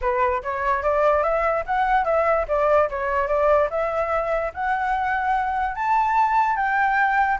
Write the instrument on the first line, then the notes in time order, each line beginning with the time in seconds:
flute
0.01 B4
0.43 C#5
0.82 D5
1.23 E5
1.66 F#5
2.04 E5
2.48 D5
2.89 C#5
3.27 D5
3.70 E5
4.54 F#5
5.75 A5
6.56 G5